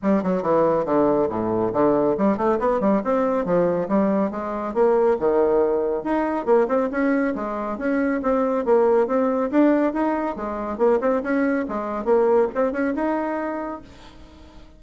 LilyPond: \new Staff \with { instrumentName = "bassoon" } { \time 4/4 \tempo 4 = 139 g8 fis8 e4 d4 a,4 | d4 g8 a8 b8 g8 c'4 | f4 g4 gis4 ais4 | dis2 dis'4 ais8 c'8 |
cis'4 gis4 cis'4 c'4 | ais4 c'4 d'4 dis'4 | gis4 ais8 c'8 cis'4 gis4 | ais4 c'8 cis'8 dis'2 | }